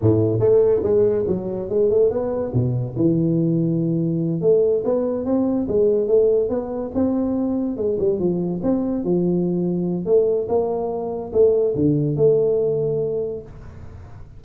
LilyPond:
\new Staff \with { instrumentName = "tuba" } { \time 4/4 \tempo 4 = 143 a,4 a4 gis4 fis4 | gis8 a8 b4 b,4 e4~ | e2~ e8 a4 b8~ | b8 c'4 gis4 a4 b8~ |
b8 c'2 gis8 g8 f8~ | f8 c'4 f2~ f8 | a4 ais2 a4 | d4 a2. | }